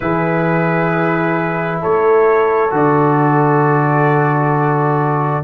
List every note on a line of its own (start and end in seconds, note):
0.00 1.83 E3
0.00 2.70 E4
0.00 1.81 G#4
0.00 1.80 B4
1.81 2.71 A3
1.81 5.44 A4
1.81 2.73 C#5
2.70 5.44 D3
2.70 5.42 F#4
2.70 5.44 D5